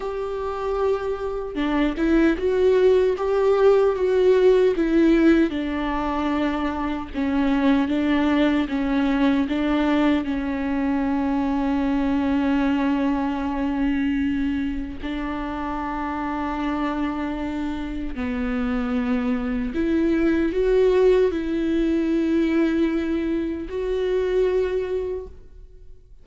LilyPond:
\new Staff \with { instrumentName = "viola" } { \time 4/4 \tempo 4 = 76 g'2 d'8 e'8 fis'4 | g'4 fis'4 e'4 d'4~ | d'4 cis'4 d'4 cis'4 | d'4 cis'2.~ |
cis'2. d'4~ | d'2. b4~ | b4 e'4 fis'4 e'4~ | e'2 fis'2 | }